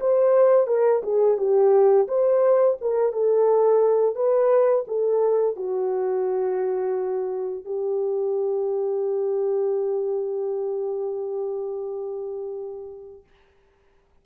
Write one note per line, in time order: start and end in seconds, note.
0.00 0.67 C5
0.67 1.02 A#4
1.03 1.37 G#4
1.37 2.07 G4
2.07 2.77 C5
2.81 3.12 A#4
3.12 4.15 A4
4.15 4.85 B4
4.87 5.56 A4
5.56 7.65 F#4
7.65 13.23 G4